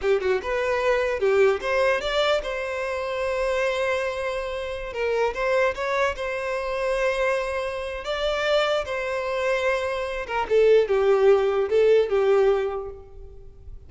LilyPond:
\new Staff \with { instrumentName = "violin" } { \time 4/4 \tempo 4 = 149 g'8 fis'8 b'2 g'4 | c''4 d''4 c''2~ | c''1~ | c''16 ais'4 c''4 cis''4 c''8.~ |
c''1 | d''2 c''2~ | c''4. ais'8 a'4 g'4~ | g'4 a'4 g'2 | }